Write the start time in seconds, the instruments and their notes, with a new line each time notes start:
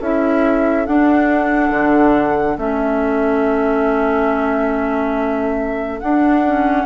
0.00 bassoon C#4, clarinet E4, oboe A4, flute E5
0.86 clarinet D4, bassoon D4, flute F#5
1.71 bassoon D3
2.58 bassoon A3, clarinet C#4, flute E5
6.00 clarinet D4, bassoon D4, flute F#5
6.45 clarinet C#4